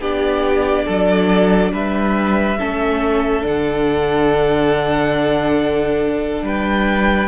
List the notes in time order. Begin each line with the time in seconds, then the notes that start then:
0.00 B3 D4 G4 D5
0.86 F#3 A4
1.72 G3 B4 E5
2.59 A3 C#4 A4
3.42 D3 D4 F#5
6.42 G3 B4 G5